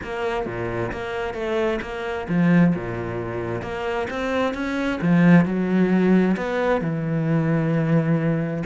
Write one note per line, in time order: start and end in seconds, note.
0.03 0.46 A#3
0.46 0.91 A#2
0.92 1.34 A#3
1.34 1.79 A3
1.81 2.27 A#3
2.28 2.74 F3
2.75 3.62 A#2
3.62 4.07 A#3
4.10 4.54 C4
4.54 4.99 C#4
5.01 5.45 F3
5.45 6.36 F#3
6.36 6.81 B3
6.81 8.63 E3